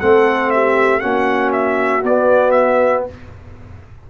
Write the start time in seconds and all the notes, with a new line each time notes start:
0.00 A3 C4 A4 F#5
0.51 G4 E5
1.00 A#3 C#4 F#4 F#5
1.53 E5
2.04 B3 D5
2.52 E5